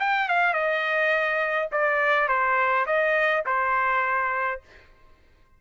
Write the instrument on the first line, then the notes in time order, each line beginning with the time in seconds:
trumpet
0.00 G5
0.29 F5
0.53 D#5
1.72 D5
2.28 C5
2.87 D#5
3.46 C5